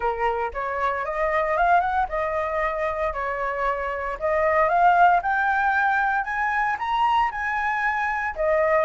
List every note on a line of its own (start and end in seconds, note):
0.00 0.51 A#4
0.53 1.05 C#5
1.05 1.57 D#5
1.57 1.80 F5
1.80 2.06 F#5
2.08 3.13 D#5
3.13 4.17 C#5
4.19 4.68 D#5
4.68 5.20 F5
5.22 6.24 G5
6.24 6.76 G#5
6.78 7.30 A#5
7.31 8.35 G#5
8.35 8.85 D#5